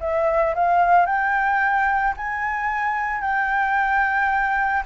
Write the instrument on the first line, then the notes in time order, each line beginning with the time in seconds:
flute
0.00 E5
0.55 F5
1.06 G5
2.16 G#5
3.21 G5